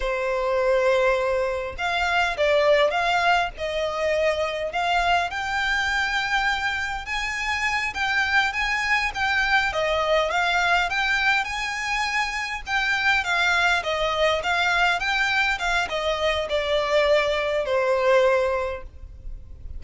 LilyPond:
\new Staff \with { instrumentName = "violin" } { \time 4/4 \tempo 4 = 102 c''2. f''4 | d''4 f''4 dis''2 | f''4 g''2. | gis''4. g''4 gis''4 g''8~ |
g''8 dis''4 f''4 g''4 gis''8~ | gis''4. g''4 f''4 dis''8~ | dis''8 f''4 g''4 f''8 dis''4 | d''2 c''2 | }